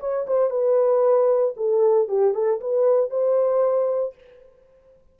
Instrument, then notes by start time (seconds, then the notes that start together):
horn
0.00 C#5
0.27 C5
0.50 B4
1.57 A4
2.08 G4
2.34 A4
2.61 B4
3.10 C5